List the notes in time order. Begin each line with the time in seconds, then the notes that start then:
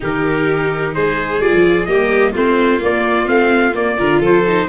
0.00 D#3 D#4 G4 A#4
0.94 G#3 G#4 C5
1.40 G3 F4 D5
1.53 F3
1.85 G3 A#3 G4 D#5
2.32 A3 C4 F4 C5
2.79 A#3 D5
3.26 A3 C4 F5
3.73 A#3 D5
3.97 D3 F4 A#4
4.19 F3 A4 C5
4.46 D#4